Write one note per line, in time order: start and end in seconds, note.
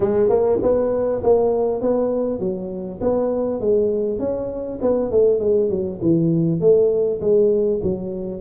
0.00 0.29 G#3
0.29 0.59 A#3
0.62 1.22 B3
1.23 1.81 A#3
1.81 2.39 B3
2.39 2.99 F#3
3.00 3.60 B3
3.60 4.19 G#3
4.19 4.79 C#4
4.81 5.11 B3
5.11 5.39 A3
5.39 5.69 G#3
5.69 5.99 F#3
6.01 6.60 E3
6.60 7.20 A3
7.20 7.80 G#3
7.82 8.41 F#3